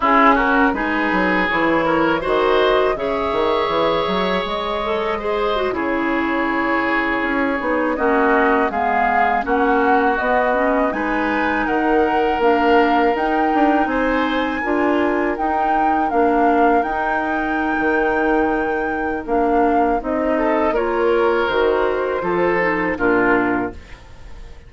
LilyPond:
<<
  \new Staff \with { instrumentName = "flute" } { \time 4/4 \tempo 4 = 81 gis'8 ais'8 b'4 cis''4 dis''4 | e''2 dis''4.~ dis''16 cis''16~ | cis''2~ cis''8. dis''4 f''16~ | f''8. fis''4 dis''4 gis''4 fis''16~ |
fis''8. f''4 g''4 gis''4~ gis''16~ | gis''8. g''4 f''4 g''4~ g''16~ | g''2 f''4 dis''4 | cis''4 c''2 ais'4 | }
  \new Staff \with { instrumentName = "oboe" } { \time 4/4 e'8 fis'8 gis'4. ais'8 c''4 | cis''2. c''8. gis'16~ | gis'2~ gis'8. fis'4 gis'16~ | gis'8. fis'2 b'4 ais'16~ |
ais'2~ ais'8. c''4 ais'16~ | ais'1~ | ais'2.~ ais'8 a'8 | ais'2 a'4 f'4 | }
  \new Staff \with { instrumentName = "clarinet" } { \time 4/4 cis'4 dis'4 e'4 fis'4 | gis'2~ gis'8 a'8 gis'8 fis'16 e'16~ | e'2~ e'16 dis'8 cis'4 b16~ | b8. cis'4 b8 cis'8 dis'4~ dis'16~ |
dis'8. d'4 dis'2 f'16~ | f'8. dis'4 d'4 dis'4~ dis'16~ | dis'2 d'4 dis'4 | f'4 fis'4 f'8 dis'8 d'4 | }
  \new Staff \with { instrumentName = "bassoon" } { \time 4/4 cis'4 gis8 fis8 e4 dis4 | cis8 dis8 e8 fis8 gis4.~ gis16 cis16~ | cis4.~ cis16 cis'8 b8 ais4 gis16~ | gis8. ais4 b4 gis4 dis16~ |
dis8. ais4 dis'8 d'8 c'4 d'16~ | d'8. dis'4 ais4 dis'4~ dis'16 | dis2 ais4 c'4 | ais4 dis4 f4 ais,4 | }
>>